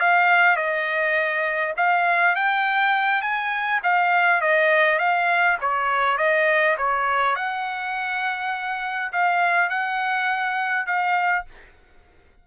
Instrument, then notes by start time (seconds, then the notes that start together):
trumpet
0.00 F5
0.56 D#5
1.76 F5
2.35 G5
3.21 G#5
3.83 F5
4.41 D#5
4.99 F5
5.60 C#5
6.17 D#5
6.77 C#5
7.36 F#5
9.12 F5
9.70 F#5
10.86 F5